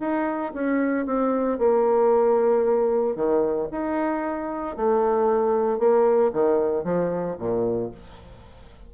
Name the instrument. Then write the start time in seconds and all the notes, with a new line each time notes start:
bassoon
0.00 D#4
0.54 C#4
1.06 C4
1.58 A#3
3.16 D#3
3.71 D#4
4.77 A3
5.79 A#3
6.33 D#3
6.84 F3
7.39 A#2